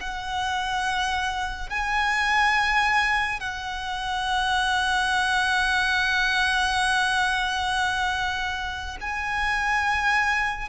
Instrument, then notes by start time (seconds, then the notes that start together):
violin
0.00 F#5
1.69 G#5
3.40 F#5
9.00 G#5